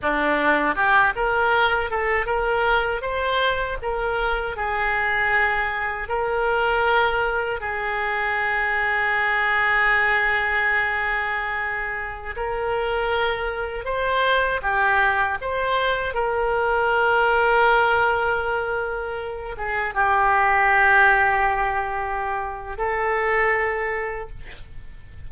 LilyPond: \new Staff \with { instrumentName = "oboe" } { \time 4/4 \tempo 4 = 79 d'4 g'8 ais'4 a'8 ais'4 | c''4 ais'4 gis'2 | ais'2 gis'2~ | gis'1~ |
gis'16 ais'2 c''4 g'8.~ | g'16 c''4 ais'2~ ais'8.~ | ais'4.~ ais'16 gis'8 g'4.~ g'16~ | g'2 a'2 | }